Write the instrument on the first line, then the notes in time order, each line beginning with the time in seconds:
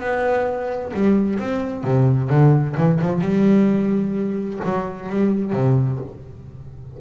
double bass
0.00 B3
0.94 G3
1.39 C4
1.84 C3
2.30 D3
2.77 E3
3.01 F3
3.21 G3
4.64 F#3
5.09 G3
5.53 C3